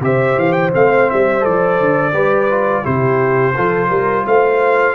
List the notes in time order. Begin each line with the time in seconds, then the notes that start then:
0.00 C3 G4 C5 E5
0.37 E3 F5
0.52 G5
0.72 A3 C4 F5
1.10 G3 E5
1.40 F3 A4 D5
1.80 D3
2.12 G3 G4 B4
2.50 F4
2.83 C3 E4 G4 C5
3.55 F3 F4 A4
3.89 G3 A#4
4.26 A3 C5 F5